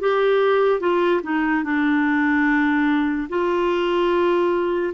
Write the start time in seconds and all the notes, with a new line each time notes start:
0.00 G4
0.80 F4
1.23 D#4
1.64 D4
3.29 F4